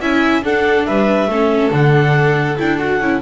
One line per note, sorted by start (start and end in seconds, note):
0.00 0.43 C#4
0.00 0.42 E4
0.00 0.43 E5
0.00 0.43 G#5
0.42 1.28 D4
0.42 0.86 D4
0.42 0.86 A4
0.42 0.85 F#5
0.85 1.27 G3
0.85 1.29 B4
0.85 1.71 E5
1.27 1.70 A3
1.27 1.71 C#4
1.27 3.22 A4
1.71 2.56 D3
1.71 2.56 D4
1.71 2.57 F#5
2.57 3.00 D4
2.57 2.78 E4
2.57 2.78 G5
2.78 3.00 F#4
2.78 3.20 F#5
3.00 3.22 C#4
3.00 3.22 E4